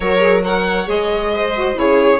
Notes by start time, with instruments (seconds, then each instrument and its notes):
0.00 bassoon F#3, saxophone F#4, viola A#4, violin C#5
0.19 saxophone G#4
0.44 saxophone A#4, viola C#5, violin F#5
0.85 bassoon G#3, saxophone G#4, violin D#5
1.34 viola C5
1.55 saxophone F#4
1.75 bassoon C#3, saxophone E4, viola G#4, violin C#5